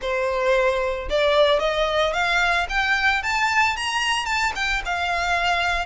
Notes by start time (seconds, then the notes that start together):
0.01 C5
1.09 D5
1.59 D#5
2.13 F5
2.69 G5
3.23 A5
3.76 A#5
4.25 A5
4.55 G5
4.85 F5